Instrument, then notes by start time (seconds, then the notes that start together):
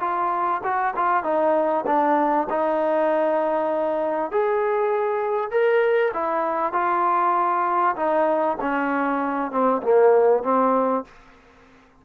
trombone
0.00 F4
0.63 F#4
0.96 F4
1.23 D#4
1.86 D4
2.49 D#4
4.31 G#4
5.51 A#4
6.14 E4
6.73 F4
7.96 D#4
8.61 C#4
9.51 C4
9.82 A#3
10.43 C4